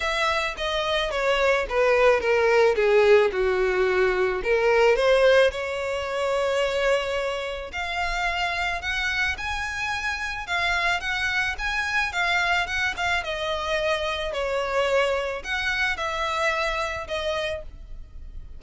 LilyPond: \new Staff \with { instrumentName = "violin" } { \time 4/4 \tempo 4 = 109 e''4 dis''4 cis''4 b'4 | ais'4 gis'4 fis'2 | ais'4 c''4 cis''2~ | cis''2 f''2 |
fis''4 gis''2 f''4 | fis''4 gis''4 f''4 fis''8 f''8 | dis''2 cis''2 | fis''4 e''2 dis''4 | }